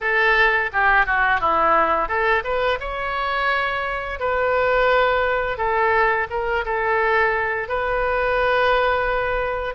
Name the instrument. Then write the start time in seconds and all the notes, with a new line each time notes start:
oboe
0.00 A4
0.73 G4
1.06 F#4
1.40 E4
2.08 A4
2.44 B4
2.80 C#5
4.19 B4
5.57 A4
6.30 A#4
6.65 A4
7.68 B4